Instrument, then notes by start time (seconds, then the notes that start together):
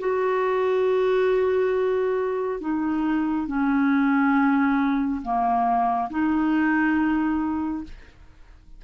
clarinet
0.00 F#4
2.61 D#4
3.47 C#4
5.23 A#3
6.10 D#4